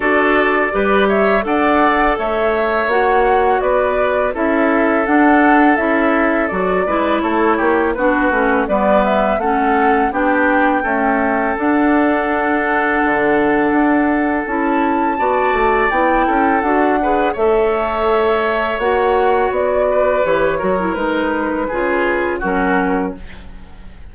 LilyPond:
<<
  \new Staff \with { instrumentName = "flute" } { \time 4/4 \tempo 4 = 83 d''4. e''8 fis''4 e''4 | fis''4 d''4 e''4 fis''4 | e''4 d''4 cis''4 b'4 | d''8 e''8 fis''4 g''2 |
fis''1 | a''2 g''4 fis''4 | e''2 fis''4 d''4 | cis''4 b'2 ais'4 | }
  \new Staff \with { instrumentName = "oboe" } { \time 4/4 a'4 b'8 cis''8 d''4 cis''4~ | cis''4 b'4 a'2~ | a'4. b'8 a'8 g'8 fis'4 | b'4 a'4 g'4 a'4~ |
a'1~ | a'4 d''4. a'4 b'8 | cis''2.~ cis''8 b'8~ | b'8 ais'4. gis'4 fis'4 | }
  \new Staff \with { instrumentName = "clarinet" } { \time 4/4 fis'4 g'4 a'2 | fis'2 e'4 d'4 | e'4 fis'8 e'4. d'8 cis'8 | b4 cis'4 d'4 a4 |
d'1 | e'4 fis'4 e'4 fis'8 gis'8 | a'2 fis'2 | g'8 fis'16 e'16 dis'4 f'4 cis'4 | }
  \new Staff \with { instrumentName = "bassoon" } { \time 4/4 d'4 g4 d'4 a4 | ais4 b4 cis'4 d'4 | cis'4 fis8 gis8 a8 ais8 b8 a8 | g4 a4 b4 cis'4 |
d'2 d4 d'4 | cis'4 b8 a8 b8 cis'8 d'4 | a2 ais4 b4 | e8 fis8 gis4 cis4 fis4 | }
>>